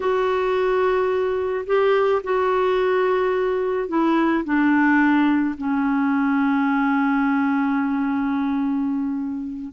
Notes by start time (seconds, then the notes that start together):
0.00 F#4
1.66 G4
2.23 F#4
3.88 E4
4.44 D4
5.57 C#4